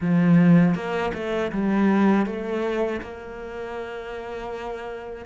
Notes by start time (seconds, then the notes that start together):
0.00 F3
0.74 A#3
1.14 A3
1.52 G3
2.25 A3
3.01 A#3